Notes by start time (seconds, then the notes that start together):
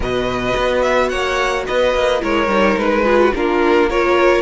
0.00 B2 F#4 B4 D#5
0.56 B3
0.82 E5
1.08 A#3 C#5 F#5
1.66 B3 B4 D#5
1.94 A#3
2.20 G#3 E4 A#4 C#5
2.47 G3 D#4
2.77 G#3 B4
3.04 F4 G#4
3.20 F#4
3.35 A#3 D4 F4 A#4
3.89 F4 A#4 C#5